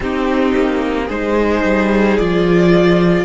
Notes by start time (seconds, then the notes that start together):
0.00 C4 D#4 G4
0.55 A#3
1.05 G#3 D#4 G#4 C5
1.63 G3
2.17 F3 F4 D5